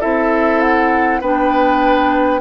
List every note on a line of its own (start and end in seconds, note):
0.00 1.21 C4
0.00 1.21 E4
0.00 1.20 A4
0.00 0.61 E5
0.61 1.21 F#5
1.20 2.40 B3
1.20 2.40 D4
1.20 2.40 B4
1.20 2.40 G5